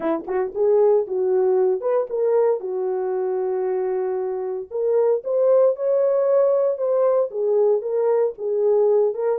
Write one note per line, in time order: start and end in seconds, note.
0.00 0.25 E4
0.27 0.53 F#4
0.54 1.06 G#4
1.07 1.80 F#4
1.80 2.07 B4
2.09 2.60 A#4
2.60 4.69 F#4
4.70 5.22 A#4
5.23 5.76 C5
5.76 6.77 C#5
6.77 7.29 C5
7.30 7.81 G#4
7.81 8.33 A#4
8.38 9.14 G#4
9.14 9.38 A#4